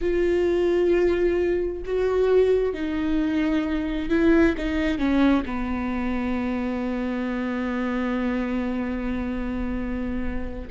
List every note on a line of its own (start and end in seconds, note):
0.01 1.83 F4
1.85 2.73 F#4
2.73 4.09 D#4
4.09 4.55 E4
4.57 4.98 D#4
4.98 5.43 C#4
5.45 10.68 B3